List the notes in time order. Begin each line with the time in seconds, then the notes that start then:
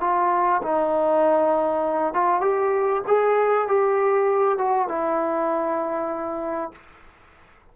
0.00 F4
0.62 D#4
2.13 F4
2.40 G4
3.07 G#4
3.67 G4
4.58 F#4
4.88 E4